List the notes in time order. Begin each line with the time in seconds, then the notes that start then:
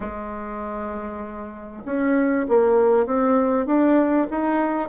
0.00 G#3
1.85 C#4
2.48 A#3
3.06 C4
3.65 D4
4.30 D#4